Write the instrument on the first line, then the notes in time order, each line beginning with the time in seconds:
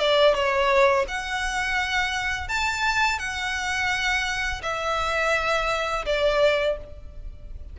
violin
0.00 D5
0.35 C#5
1.08 F#5
2.49 A5
3.19 F#5
4.63 E5
6.06 D5